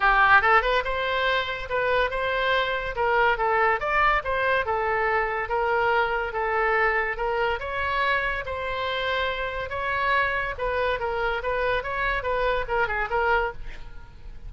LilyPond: \new Staff \with { instrumentName = "oboe" } { \time 4/4 \tempo 4 = 142 g'4 a'8 b'8 c''2 | b'4 c''2 ais'4 | a'4 d''4 c''4 a'4~ | a'4 ais'2 a'4~ |
a'4 ais'4 cis''2 | c''2. cis''4~ | cis''4 b'4 ais'4 b'4 | cis''4 b'4 ais'8 gis'8 ais'4 | }